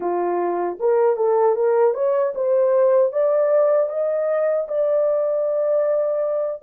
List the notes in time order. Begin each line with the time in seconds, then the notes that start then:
0.00 F4
0.79 A#4
1.16 A4
1.55 A#4
1.94 C#5
2.34 C5
3.12 D5
3.89 D#5
4.68 D5